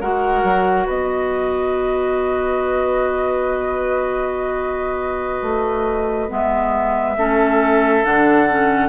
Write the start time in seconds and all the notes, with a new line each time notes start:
0.00 G#3 F#4 A#4 F#5
0.43 F#3
0.86 B3 B4 D#5
5.42 A3
6.29 G#3 B3 E5
7.17 A3 C#4 A4
8.04 D3 D4 F#5
8.50 C#4